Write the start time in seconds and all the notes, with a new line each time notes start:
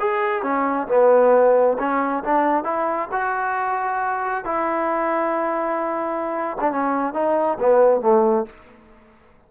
0.00 G#4
0.43 C#4
0.88 B3
1.79 C#4
2.24 D4
2.64 E4
3.12 F#4
4.45 E4
6.61 D4
6.72 C#4
7.14 D#4
7.60 B3
8.01 A3